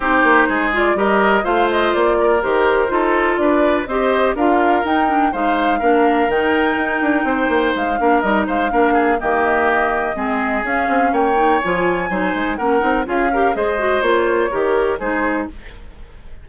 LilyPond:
<<
  \new Staff \with { instrumentName = "flute" } { \time 4/4 \tempo 4 = 124 c''4. d''8 dis''4 f''8 dis''8 | d''4 c''2 d''4 | dis''4 f''4 g''4 f''4~ | f''4 g''2. |
f''4 dis''8 f''4. dis''4~ | dis''2 f''4 g''4 | gis''2 fis''4 f''4 | dis''4 cis''2 c''4 | }
  \new Staff \with { instrumentName = "oboe" } { \time 4/4 g'4 gis'4 ais'4 c''4~ | c''8 ais'4. a'4 b'4 | c''4 ais'2 c''4 | ais'2. c''4~ |
c''8 ais'4 c''8 ais'8 gis'8 g'4~ | g'4 gis'2 cis''4~ | cis''4 c''4 ais'4 gis'8 ais'8 | c''2 ais'4 gis'4 | }
  \new Staff \with { instrumentName = "clarinet" } { \time 4/4 dis'4. f'8 g'4 f'4~ | f'4 g'4 f'2 | g'4 f'4 dis'8 d'8 dis'4 | d'4 dis'2.~ |
dis'8 d'8 dis'4 d'4 ais4~ | ais4 c'4 cis'4. dis'8 | f'4 dis'4 cis'8 dis'8 f'8 g'8 | gis'8 fis'8 f'4 g'4 dis'4 | }
  \new Staff \with { instrumentName = "bassoon" } { \time 4/4 c'8 ais8 gis4 g4 a4 | ais4 dis4 dis'4 d'4 | c'4 d'4 dis'4 gis4 | ais4 dis4 dis'8 d'8 c'8 ais8 |
gis8 ais8 g8 gis8 ais4 dis4~ | dis4 gis4 cis'8 c'8 ais4 | f4 fis8 gis8 ais8 c'8 cis'4 | gis4 ais4 dis4 gis4 | }
>>